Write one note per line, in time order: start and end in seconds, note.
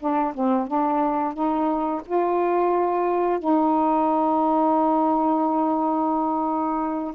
0.00 0.34 D4
0.34 0.68 C4
0.68 1.34 D4
1.34 2.02 D#4
2.06 3.40 F4
3.40 7.15 D#4